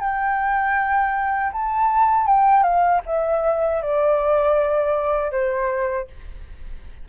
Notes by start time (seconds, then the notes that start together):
0.00 G5
1.53 A5
2.26 G5
2.63 F5
3.06 E5
3.82 D5
5.32 C5